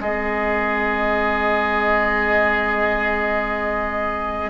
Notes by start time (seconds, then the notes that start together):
0.00 G#3 C4 G#4 D#5